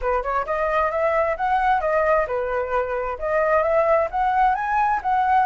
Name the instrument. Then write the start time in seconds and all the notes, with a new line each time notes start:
flute
0.01 B4
0.23 C#5
0.45 D#5
0.91 E5
1.36 F#5
1.81 D#5
2.27 B4
3.19 D#5
3.62 E5
4.11 F#5
4.55 G#5
5.02 F#5